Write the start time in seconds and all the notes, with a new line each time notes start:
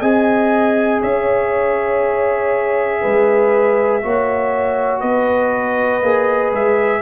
0.00 C4 G#4 D#5 G#5
1.02 C#4 C#5 E5
3.01 G#3 B4
4.03 A#3 F#4 C#5
5.01 B3 B4 D#5
6.02 A#3 G#4
6.52 G#3 E5